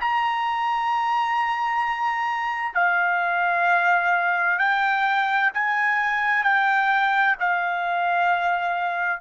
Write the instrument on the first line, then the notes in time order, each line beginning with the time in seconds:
trumpet
0.00 A#5
2.74 F5
4.59 G5
5.54 G#5
6.43 G5
7.40 F5